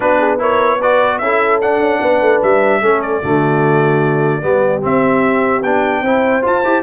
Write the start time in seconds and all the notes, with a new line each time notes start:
0.00 B3 D4 F#4 B4
0.19 G#4
0.38 E4 A#4 C#5
0.81 F#4 B4 D5
1.18 C#4 E4 A4 E5
1.61 D4 F#5
1.79 C#4
1.99 B3 B4
2.21 A3
2.42 G3 E5
2.81 A3 C#4 A4
3.01 D5
3.22 D3 A3 F#4
4.42 G3 B3 G4
4.81 C4 E5
5.63 B3 D4 G5
6.01 C4 E4 C5
6.42 F4 A5
6.64 E4 G4